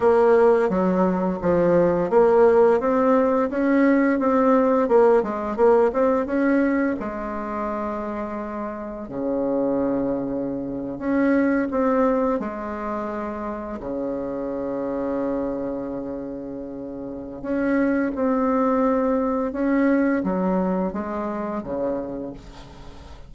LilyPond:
\new Staff \with { instrumentName = "bassoon" } { \time 4/4 \tempo 4 = 86 ais4 fis4 f4 ais4 | c'4 cis'4 c'4 ais8 gis8 | ais8 c'8 cis'4 gis2~ | gis4 cis2~ cis8. cis'16~ |
cis'8. c'4 gis2 cis16~ | cis1~ | cis4 cis'4 c'2 | cis'4 fis4 gis4 cis4 | }